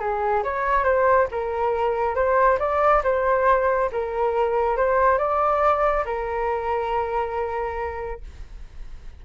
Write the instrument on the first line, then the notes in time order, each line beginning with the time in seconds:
flute
0.00 G#4
0.43 C#5
0.84 C5
1.31 A#4
2.15 C5
2.59 D5
3.03 C5
3.92 A#4
4.77 C5
5.18 D5
6.05 A#4